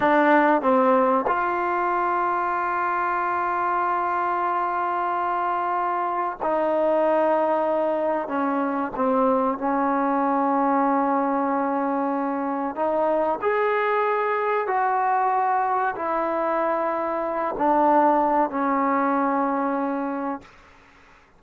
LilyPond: \new Staff \with { instrumentName = "trombone" } { \time 4/4 \tempo 4 = 94 d'4 c'4 f'2~ | f'1~ | f'2 dis'2~ | dis'4 cis'4 c'4 cis'4~ |
cis'1 | dis'4 gis'2 fis'4~ | fis'4 e'2~ e'8 d'8~ | d'4 cis'2. | }